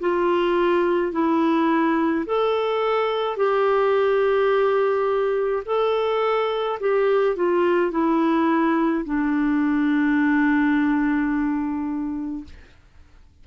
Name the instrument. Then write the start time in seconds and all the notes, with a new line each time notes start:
clarinet
0.00 F4
1.12 E4
2.26 A4
3.37 G4
5.66 A4
6.80 G4
7.36 F4
7.91 E4
9.05 D4